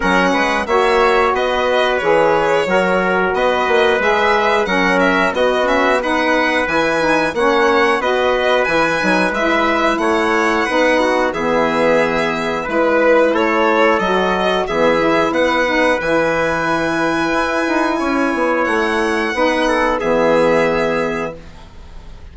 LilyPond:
<<
  \new Staff \with { instrumentName = "violin" } { \time 4/4 \tempo 4 = 90 fis''4 e''4 dis''4 cis''4~ | cis''4 dis''4 e''4 fis''8 e''8 | dis''8 e''8 fis''4 gis''4 fis''4 | dis''4 gis''4 e''4 fis''4~ |
fis''4 e''2 b'4 | cis''4 dis''4 e''4 fis''4 | gis''1 | fis''2 e''2 | }
  \new Staff \with { instrumentName = "trumpet" } { \time 4/4 ais'8 b'8 cis''4 b'2 | ais'4 b'2 ais'4 | fis'4 b'2 cis''4 | b'2. cis''4 |
b'8 fis'8 gis'2 b'4 | a'2 gis'4 b'4~ | b'2. cis''4~ | cis''4 b'8 a'8 gis'2 | }
  \new Staff \with { instrumentName = "saxophone" } { \time 4/4 cis'4 fis'2 gis'4 | fis'2 gis'4 cis'4 | b8 cis'8 dis'4 e'8 dis'8 cis'4 | fis'4 e'8 dis'8 e'2 |
dis'4 b2 e'4~ | e'4 fis'4 b8 e'4 dis'8 | e'1~ | e'4 dis'4 b2 | }
  \new Staff \with { instrumentName = "bassoon" } { \time 4/4 fis8 gis8 ais4 b4 e4 | fis4 b8 ais8 gis4 fis4 | b2 e4 ais4 | b4 e8 fis8 gis4 a4 |
b4 e2 gis4 | a4 fis4 e4 b4 | e2 e'8 dis'8 cis'8 b8 | a4 b4 e2 | }
>>